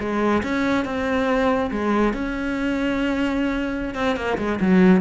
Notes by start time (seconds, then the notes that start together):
0.00 G#3
0.43 C#4
0.85 C4
1.71 G#3
2.14 C#4
3.95 C4
4.16 A#3
4.38 G#3
4.61 F#3